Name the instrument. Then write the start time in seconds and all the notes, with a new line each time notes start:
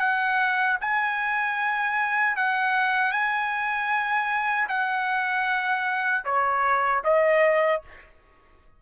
trumpet
0.00 F#5
0.81 G#5
2.37 F#5
3.12 G#5
4.69 F#5
6.25 C#5
7.04 D#5